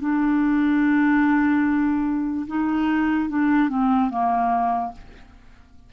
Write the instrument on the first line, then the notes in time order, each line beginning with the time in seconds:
clarinet
0.00 D4
2.47 D#4
3.30 D4
3.69 C4
4.10 A#3